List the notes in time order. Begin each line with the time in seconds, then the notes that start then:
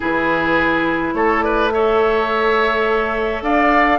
0.00 E3 E4 G#4 B4
1.13 A3 A4 C#5
1.40 B4 D5
1.71 A4 C#5 E5
3.42 D4 D5 F5